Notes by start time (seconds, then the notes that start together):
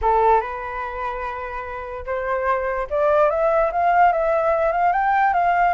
0.01 A4
0.40 B4
2.05 C5
2.90 D5
3.30 E5
3.72 F5
4.12 E5
4.72 F5
4.92 G5
5.33 F5